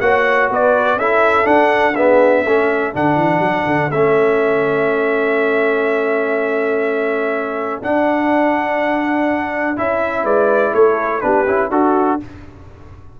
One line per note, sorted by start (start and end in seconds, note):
0.00 0.49 A#3
0.00 0.99 F#4
0.00 0.50 C#5
0.00 0.49 F#5
0.50 0.96 B3
0.50 0.97 B4
0.50 0.99 D5
0.96 1.45 C#4
0.96 1.43 E4
0.96 1.95 A4
0.96 1.47 E5
1.43 1.92 D4
1.43 2.44 D4
1.43 1.95 F#5
1.95 2.46 B3
1.95 2.44 G#4
1.95 2.93 E5
2.44 2.93 A3
2.44 2.93 C#4
2.44 10.23 A4
2.93 3.16 D3
2.93 3.91 D4
2.93 3.91 F#5
3.16 3.39 E3
3.39 3.63 F#3
3.66 3.90 D3
3.90 7.81 A3
3.90 7.82 C#4
3.90 7.81 E5
7.82 9.77 D4
7.82 9.76 D4
7.82 9.78 F#5
9.76 10.24 C#4
9.76 11.21 E4
9.76 10.25 E5
10.23 10.73 G#3
10.23 10.72 B4
10.23 10.74 D5
10.73 11.22 A3
10.73 11.23 A4
10.73 11.21 C#5
11.21 11.47 B3
11.21 11.46 D4
11.21 11.71 G4
11.21 11.69 B4
11.47 11.70 C#4
11.47 11.71 E4
11.70 12.19 D4
11.70 12.20 F#4
11.70 12.20 A4